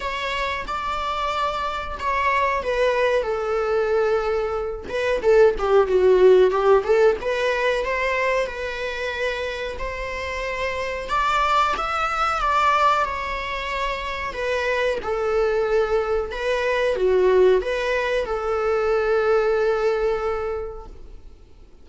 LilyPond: \new Staff \with { instrumentName = "viola" } { \time 4/4 \tempo 4 = 92 cis''4 d''2 cis''4 | b'4 a'2~ a'8 b'8 | a'8 g'8 fis'4 g'8 a'8 b'4 | c''4 b'2 c''4~ |
c''4 d''4 e''4 d''4 | cis''2 b'4 a'4~ | a'4 b'4 fis'4 b'4 | a'1 | }